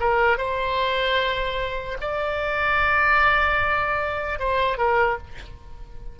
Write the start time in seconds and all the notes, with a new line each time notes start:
0.00 A#4
0.38 C5
2.01 D5
4.39 C5
4.78 A#4